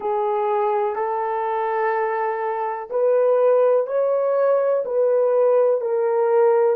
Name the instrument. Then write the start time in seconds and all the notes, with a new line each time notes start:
horn
0.00 G#4
0.95 A4
2.89 B4
3.87 C#5
4.85 B4
5.80 A#4